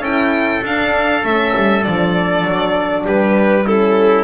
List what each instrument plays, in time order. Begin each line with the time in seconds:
0.00 double bass C#4, horn E4, trumpet A4, violin G5
0.62 horn D4, double bass D4, violin F5
1.23 double bass A3, horn C#4, violin E5
1.56 double bass G3
1.83 double bass F3, horn D4, violin D5
2.45 double bass F#3
3.05 double bass G3, trumpet G4, violin B4
3.66 horn C#4, trumpet E4, violin A4